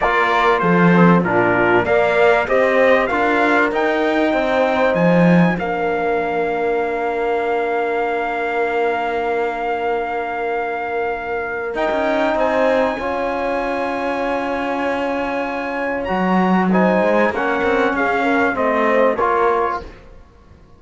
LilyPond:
<<
  \new Staff \with { instrumentName = "trumpet" } { \time 4/4 \tempo 4 = 97 d''4 c''4 ais'4 f''4 | dis''4 f''4 g''2 | gis''4 f''2.~ | f''1~ |
f''2. g''4 | gis''1~ | gis''2 ais''4 gis''4 | fis''4 f''4 dis''4 cis''4 | }
  \new Staff \with { instrumentName = "horn" } { \time 4/4 ais'4 a'4 f'4 d''4 | c''4 ais'2 c''4~ | c''4 ais'2.~ | ais'1~ |
ais'1 | c''4 cis''2.~ | cis''2. c''4 | ais'4 gis'8 ais'8 c''4 ais'4 | }
  \new Staff \with { instrumentName = "trombone" } { \time 4/4 f'4. c'8 d'4 ais'4 | g'4 f'4 dis'2~ | dis'4 d'2.~ | d'1~ |
d'2. dis'4~ | dis'4 f'2.~ | f'2 fis'4 dis'4 | cis'2 c'4 f'4 | }
  \new Staff \with { instrumentName = "cello" } { \time 4/4 ais4 f4 ais,4 ais4 | c'4 d'4 dis'4 c'4 | f4 ais2.~ | ais1~ |
ais2. dis'16 cis'8. | c'4 cis'2.~ | cis'2 fis4. gis8 | ais8 c'8 cis'4 a4 ais4 | }
>>